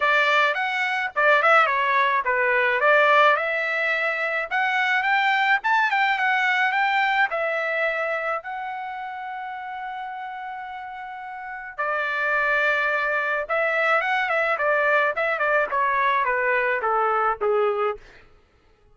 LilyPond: \new Staff \with { instrumentName = "trumpet" } { \time 4/4 \tempo 4 = 107 d''4 fis''4 d''8 e''8 cis''4 | b'4 d''4 e''2 | fis''4 g''4 a''8 g''8 fis''4 | g''4 e''2 fis''4~ |
fis''1~ | fis''4 d''2. | e''4 fis''8 e''8 d''4 e''8 d''8 | cis''4 b'4 a'4 gis'4 | }